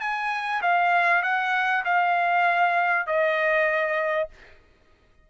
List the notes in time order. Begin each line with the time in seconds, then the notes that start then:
0.00 G#5
0.62 F5
1.22 F#5
1.85 F5
3.06 D#5